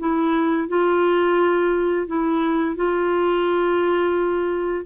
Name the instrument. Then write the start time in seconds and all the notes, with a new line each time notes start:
clarinet
0.00 E4
0.68 F4
2.07 E4
2.76 F4